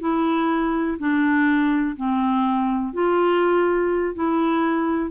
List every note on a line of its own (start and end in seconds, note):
0.00 0.98 E4
0.98 1.96 D4
1.96 2.93 C4
2.93 4.15 F4
4.15 5.11 E4